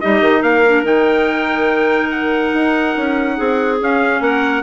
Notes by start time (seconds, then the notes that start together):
0.00 G3 D#4 G4 D#5
0.20 D#3
0.40 A#3 A#4 F5
0.66 D4
0.84 D#3 D#4 G5
2.10 F#5
2.53 D#4
2.96 C#4
3.36 C4 G#4
3.80 C#4 F5
4.20 A#3 A#4 F#5